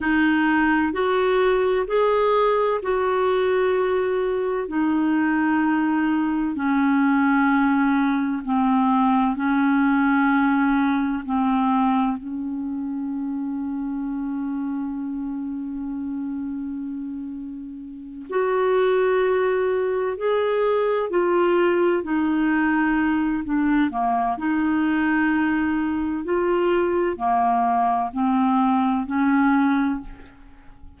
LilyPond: \new Staff \with { instrumentName = "clarinet" } { \time 4/4 \tempo 4 = 64 dis'4 fis'4 gis'4 fis'4~ | fis'4 dis'2 cis'4~ | cis'4 c'4 cis'2 | c'4 cis'2.~ |
cis'2.~ cis'8 fis'8~ | fis'4. gis'4 f'4 dis'8~ | dis'4 d'8 ais8 dis'2 | f'4 ais4 c'4 cis'4 | }